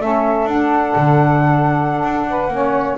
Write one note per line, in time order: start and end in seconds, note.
0.00 0.45 A3
0.00 0.49 C#4
0.00 2.28 A4
0.00 0.49 E5
0.45 0.93 D4
0.45 2.51 D4
0.45 2.98 F#5
0.96 2.03 D3
2.03 2.48 D4
2.29 2.53 B4
2.48 2.96 A#3
2.48 2.98 C#4
2.48 2.98 C#5